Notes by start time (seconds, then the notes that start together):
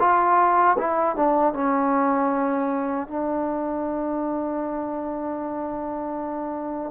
0.00 F4
0.78 E4
1.16 D4
1.54 C#4
3.08 D4